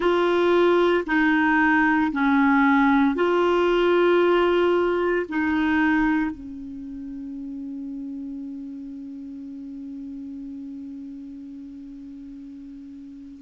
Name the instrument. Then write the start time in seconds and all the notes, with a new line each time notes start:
clarinet
0.00 F4
1.06 D#4
2.11 C#4
3.15 F4
5.28 D#4
6.30 C#4